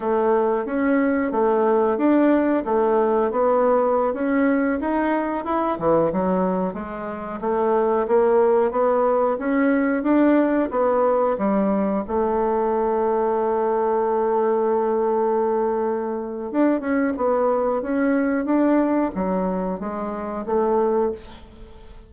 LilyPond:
\new Staff \with { instrumentName = "bassoon" } { \time 4/4 \tempo 4 = 91 a4 cis'4 a4 d'4 | a4 b4~ b16 cis'4 dis'8.~ | dis'16 e'8 e8 fis4 gis4 a8.~ | a16 ais4 b4 cis'4 d'8.~ |
d'16 b4 g4 a4.~ a16~ | a1~ | a4 d'8 cis'8 b4 cis'4 | d'4 fis4 gis4 a4 | }